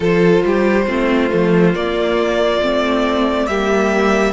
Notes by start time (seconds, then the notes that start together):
0.00 F3 F4 A4 C5
0.44 G3 G4
0.85 A3 C4 F4
1.29 F3 A3
1.73 A#3 D5
2.61 A3 C4
3.46 G3 A#3 G4 E5